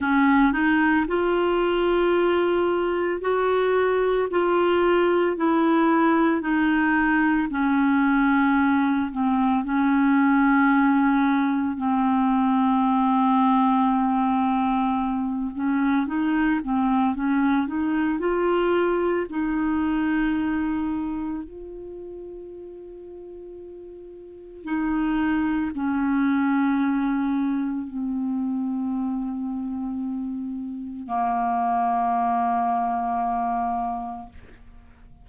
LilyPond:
\new Staff \with { instrumentName = "clarinet" } { \time 4/4 \tempo 4 = 56 cis'8 dis'8 f'2 fis'4 | f'4 e'4 dis'4 cis'4~ | cis'8 c'8 cis'2 c'4~ | c'2~ c'8 cis'8 dis'8 c'8 |
cis'8 dis'8 f'4 dis'2 | f'2. dis'4 | cis'2 c'2~ | c'4 ais2. | }